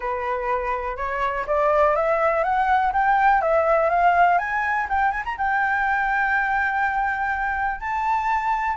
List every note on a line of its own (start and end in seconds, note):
0.00 0.96 B4
0.96 1.45 C#5
1.46 1.95 D5
1.95 2.43 E5
2.43 2.92 F#5
2.92 3.41 G5
3.41 3.89 E5
3.89 4.38 F5
4.38 4.87 G#5
4.89 5.11 G5
5.11 5.23 G#5
5.25 5.37 A#5
5.37 7.80 G5
7.80 8.77 A5